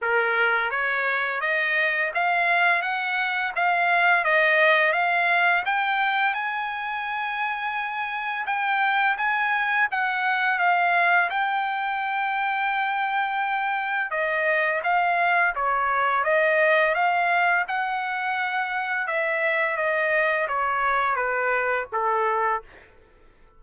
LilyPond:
\new Staff \with { instrumentName = "trumpet" } { \time 4/4 \tempo 4 = 85 ais'4 cis''4 dis''4 f''4 | fis''4 f''4 dis''4 f''4 | g''4 gis''2. | g''4 gis''4 fis''4 f''4 |
g''1 | dis''4 f''4 cis''4 dis''4 | f''4 fis''2 e''4 | dis''4 cis''4 b'4 a'4 | }